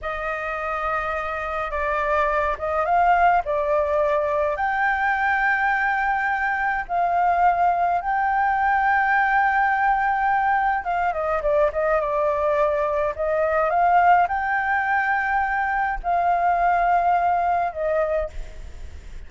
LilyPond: \new Staff \with { instrumentName = "flute" } { \time 4/4 \tempo 4 = 105 dis''2. d''4~ | d''8 dis''8 f''4 d''2 | g''1 | f''2 g''2~ |
g''2. f''8 dis''8 | d''8 dis''8 d''2 dis''4 | f''4 g''2. | f''2. dis''4 | }